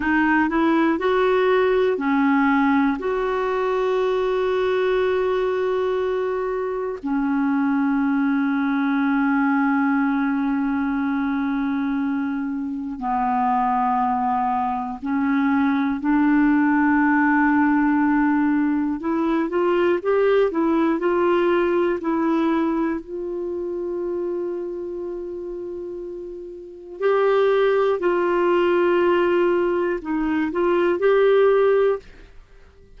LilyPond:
\new Staff \with { instrumentName = "clarinet" } { \time 4/4 \tempo 4 = 60 dis'8 e'8 fis'4 cis'4 fis'4~ | fis'2. cis'4~ | cis'1~ | cis'4 b2 cis'4 |
d'2. e'8 f'8 | g'8 e'8 f'4 e'4 f'4~ | f'2. g'4 | f'2 dis'8 f'8 g'4 | }